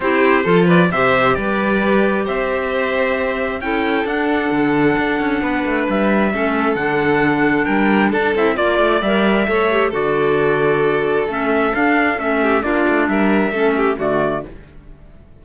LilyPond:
<<
  \new Staff \with { instrumentName = "trumpet" } { \time 4/4 \tempo 4 = 133 c''4. d''8 e''4 d''4~ | d''4 e''2. | g''4 fis''2.~ | fis''4 e''2 fis''4~ |
fis''4 g''4 a''8 e''8 d''4 | e''2 d''2~ | d''4 e''4 f''4 e''4 | d''4 e''2 d''4 | }
  \new Staff \with { instrumentName = "violin" } { \time 4/4 g'4 a'8 b'8 c''4 b'4~ | b'4 c''2. | a'1 | b'2 a'2~ |
a'4 ais'4 a'4 d''4~ | d''4 cis''4 a'2~ | a'2.~ a'8 g'8 | f'4 ais'4 a'8 g'8 fis'4 | }
  \new Staff \with { instrumentName = "clarinet" } { \time 4/4 e'4 f'4 g'2~ | g'1 | e'4 d'2.~ | d'2 cis'4 d'4~ |
d'2~ d'8 e'8 f'4 | ais'4 a'8 g'8 fis'2~ | fis'4 cis'4 d'4 cis'4 | d'2 cis'4 a4 | }
  \new Staff \with { instrumentName = "cello" } { \time 4/4 c'4 f4 c4 g4~ | g4 c'2. | cis'4 d'4 d4 d'8 cis'8 | b8 a8 g4 a4 d4~ |
d4 g4 d'8 c'8 ais8 a8 | g4 a4 d2~ | d4 a4 d'4 a4 | ais8 a8 g4 a4 d4 | }
>>